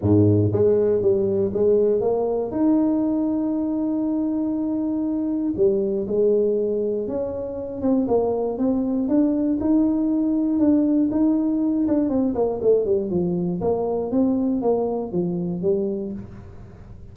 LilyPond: \new Staff \with { instrumentName = "tuba" } { \time 4/4 \tempo 4 = 119 gis,4 gis4 g4 gis4 | ais4 dis'2.~ | dis'2. g4 | gis2 cis'4. c'8 |
ais4 c'4 d'4 dis'4~ | dis'4 d'4 dis'4. d'8 | c'8 ais8 a8 g8 f4 ais4 | c'4 ais4 f4 g4 | }